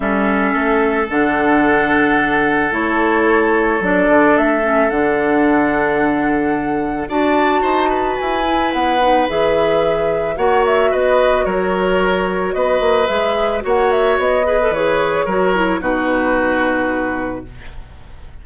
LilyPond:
<<
  \new Staff \with { instrumentName = "flute" } { \time 4/4 \tempo 4 = 110 e''2 fis''2~ | fis''4 cis''2 d''4 | e''4 fis''2.~ | fis''4 a''2 gis''4 |
fis''4 e''2 fis''8 e''8 | dis''4 cis''2 dis''4 | e''4 fis''8 e''8 dis''4 cis''4~ | cis''4 b'2. | }
  \new Staff \with { instrumentName = "oboe" } { \time 4/4 a'1~ | a'1~ | a'1~ | a'4 d''4 c''8 b'4.~ |
b'2. cis''4 | b'4 ais'2 b'4~ | b'4 cis''4. b'4. | ais'4 fis'2. | }
  \new Staff \with { instrumentName = "clarinet" } { \time 4/4 cis'2 d'2~ | d'4 e'2 d'4~ | d'8 cis'8 d'2.~ | d'4 fis'2~ fis'8 e'8~ |
e'8 dis'8 gis'2 fis'4~ | fis'1 | gis'4 fis'4. gis'16 a'16 gis'4 | fis'8 e'8 dis'2. | }
  \new Staff \with { instrumentName = "bassoon" } { \time 4/4 g4 a4 d2~ | d4 a2 fis8 d8 | a4 d2.~ | d4 d'4 dis'4 e'4 |
b4 e2 ais4 | b4 fis2 b8 ais8 | gis4 ais4 b4 e4 | fis4 b,2. | }
>>